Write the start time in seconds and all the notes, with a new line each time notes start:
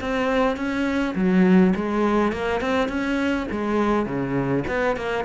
0.00 C4
0.56 C#4
1.15 F#3
1.75 G#3
2.32 A#3
2.61 C4
2.88 C#4
3.51 G#3
4.05 C#3
4.67 B3
4.96 A#3